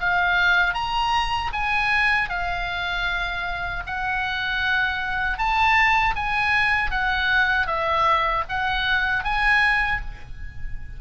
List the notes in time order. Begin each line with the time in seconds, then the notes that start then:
0.00 F5
0.74 A#5
1.53 G#5
2.29 F5
3.86 F#5
5.38 A5
6.15 G#5
6.91 F#5
7.67 E5
8.49 F#5
9.24 G#5